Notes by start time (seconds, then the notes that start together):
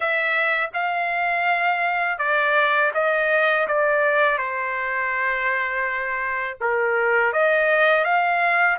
0.00 E5
0.73 F5
2.18 D5
2.94 D#5
3.67 D5
4.38 C5
6.60 A#4
7.32 D#5
8.04 F5